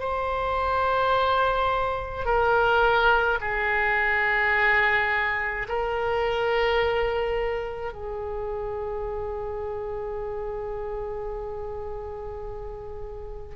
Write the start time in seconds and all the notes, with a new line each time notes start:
0.00 C5
2.26 A#4
3.41 G#4
5.69 A#4
7.93 G#4